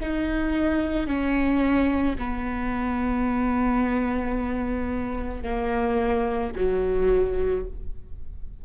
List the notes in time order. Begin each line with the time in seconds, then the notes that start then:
0.00 D#4
1.07 C#4
2.19 B3
5.43 A#3
6.56 F#3